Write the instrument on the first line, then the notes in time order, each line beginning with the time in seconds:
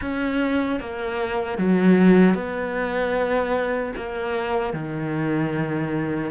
cello
0.01 C#4
0.80 A#3
1.58 F#3
2.34 B3
3.96 A#3
4.73 D#3